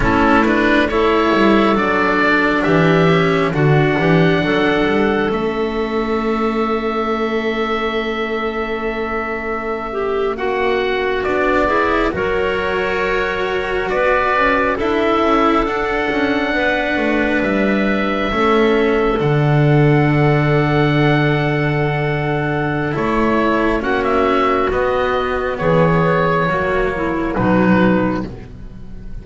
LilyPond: <<
  \new Staff \with { instrumentName = "oboe" } { \time 4/4 \tempo 4 = 68 a'8 b'8 cis''4 d''4 e''4 | fis''2 e''2~ | e''2.~ e''8. fis''16~ | fis''8. d''4 cis''2 d''16~ |
d''8. e''4 fis''2 e''16~ | e''4.~ e''16 fis''2~ fis''16~ | fis''2 cis''4 fis''16 e''8. | dis''4 cis''2 b'4 | }
  \new Staff \with { instrumentName = "clarinet" } { \time 4/4 e'4 a'2 g'4 | fis'8 g'8 a'2.~ | a'2.~ a'16 g'8 fis'16~ | fis'4~ fis'16 gis'8 ais'2 b'16~ |
b'8. a'2 b'4~ b'16~ | b'8. a'2.~ a'16~ | a'2. fis'4~ | fis'4 gis'4 fis'8 e'8 dis'4 | }
  \new Staff \with { instrumentName = "cello" } { \time 4/4 cis'8 d'8 e'4 d'4. cis'8 | d'2 cis'2~ | cis'1~ | cis'8. d'8 e'8 fis'2~ fis'16~ |
fis'8. e'4 d'2~ d'16~ | d'8. cis'4 d'2~ d'16~ | d'2 e'4 cis'4 | b2 ais4 fis4 | }
  \new Staff \with { instrumentName = "double bass" } { \time 4/4 a4. g8 fis4 e4 | d8 e8 fis8 g8 a2~ | a2.~ a8. ais16~ | ais8. b4 fis2 b16~ |
b16 cis'8 d'8 cis'8 d'8 cis'8 b8 a8 g16~ | g8. a4 d2~ d16~ | d2 a4 ais4 | b4 e4 fis4 b,4 | }
>>